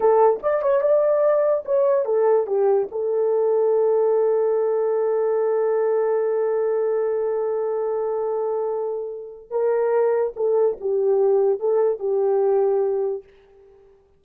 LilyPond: \new Staff \with { instrumentName = "horn" } { \time 4/4 \tempo 4 = 145 a'4 d''8 cis''8 d''2 | cis''4 a'4 g'4 a'4~ | a'1~ | a'1~ |
a'1~ | a'2. ais'4~ | ais'4 a'4 g'2 | a'4 g'2. | }